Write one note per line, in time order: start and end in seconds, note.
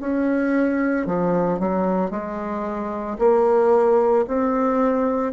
0.00 1.06 C#4
1.06 1.59 F3
1.59 2.10 F#3
2.10 3.18 G#3
3.19 4.26 A#3
4.28 5.32 C4